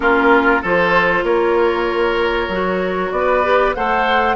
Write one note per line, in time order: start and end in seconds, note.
0.00 0.60 A#3
0.00 0.62 C#4
0.00 0.62 F4
0.00 0.63 A#4
0.62 1.23 F3
0.62 2.52 F4
0.62 1.24 A4
0.62 1.24 C5
1.23 2.48 A#3
1.23 3.12 A#4
1.23 3.11 C#5
2.48 3.11 F#3
2.48 3.43 F#4
3.11 3.74 B3
3.11 3.74 D5
3.17 3.76 B4
3.43 3.75 G4
3.74 4.35 A3
3.74 4.35 A4
3.74 4.35 C5
3.74 4.35 F#5